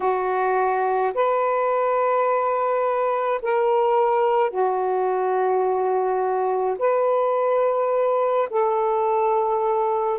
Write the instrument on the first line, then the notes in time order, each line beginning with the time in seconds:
saxophone
0.00 F#4
1.14 B4
3.42 A#4
4.50 F#4
6.79 B4
8.50 A4